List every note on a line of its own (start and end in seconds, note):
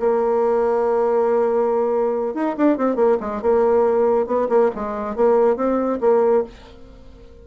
0.00 2.35 A#3
2.35 2.56 D#4
2.58 2.78 D4
2.78 2.96 C4
2.96 3.18 A#3
3.21 3.42 G#3
3.42 4.27 A#3
4.27 4.49 B3
4.49 4.71 A#3
4.76 5.16 G#3
5.16 5.56 A#3
5.56 6.00 C4
6.01 6.44 A#3